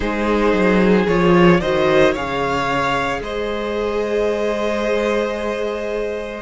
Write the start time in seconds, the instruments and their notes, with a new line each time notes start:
0.00 cello G#3, viola D#4, violin G#4 C5
0.53 cello F#3
1.07 cello F3, viola F4, violin C#5
1.60 cello D#3, viola F#4, violin C5 D#5
2.12 cello C#3, viola G#4, violin C#5 F5
3.21 cello G#3, violin C5 D#5